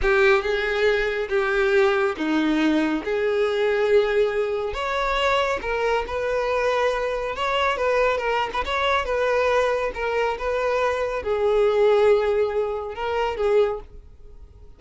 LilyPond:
\new Staff \with { instrumentName = "violin" } { \time 4/4 \tempo 4 = 139 g'4 gis'2 g'4~ | g'4 dis'2 gis'4~ | gis'2. cis''4~ | cis''4 ais'4 b'2~ |
b'4 cis''4 b'4 ais'8. b'16 | cis''4 b'2 ais'4 | b'2 gis'2~ | gis'2 ais'4 gis'4 | }